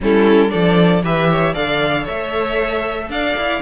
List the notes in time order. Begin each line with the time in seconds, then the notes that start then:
0.00 G3 C#4 E4 A4
0.49 F3 D4 A4 D5
1.02 E3 G4 B4 E5
1.30 C#5
1.54 D3 A4 D5 F5
2.03 A3 C#5 E5
3.09 D4 D5 F5
3.36 E4